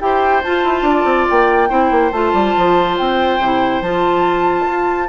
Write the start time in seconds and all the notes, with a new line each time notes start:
0.00 E4 G4 C5 G5
0.43 F4 A5
0.64 E4
0.82 D4
0.89 D5
1.05 C4
1.30 A#3 G5
1.69 C4 E4 C5
1.91 A#3
2.12 A3 F4 A5
2.34 G3
2.57 F3
2.98 C4 G5
3.39 C3 E4
3.81 F3 F4 A5
4.67 F4